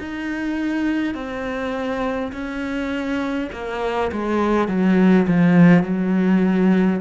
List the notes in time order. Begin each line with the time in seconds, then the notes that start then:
0.00 D#4
1.14 C4
2.33 C#4
3.53 A#3
4.12 G#3
4.68 F#3
5.28 F3
5.83 F#3